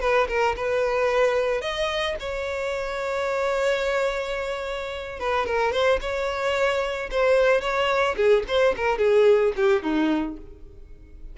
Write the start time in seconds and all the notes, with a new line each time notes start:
0.00 B4
0.28 A#4
0.56 B4
1.61 D#5
2.20 C#5
5.19 B4
5.46 A#4
5.72 C5
6.00 C#5
7.11 C5
7.61 C#5
8.16 G#4
8.47 C5
8.76 A#4
8.98 G#4
9.56 G4
9.82 D#4